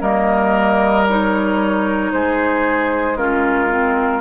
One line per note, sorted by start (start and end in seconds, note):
0.00 2.12 G3
0.00 1.05 A#3
0.00 2.11 A#4
0.00 1.07 D#5
1.09 3.17 D#4
1.09 2.12 C#5
2.12 4.21 G#3
2.12 3.18 G#4
2.12 3.17 C5
3.17 3.69 C#4
3.17 4.21 F4
3.17 4.21 A#4
3.69 4.21 C4